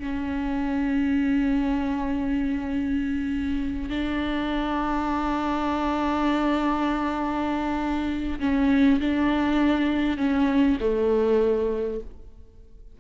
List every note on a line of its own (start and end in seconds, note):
0.00 3.90 C#4
3.90 8.40 D4
8.40 9.00 C#4
9.00 10.18 D4
10.18 10.78 C#4
10.80 12.00 A3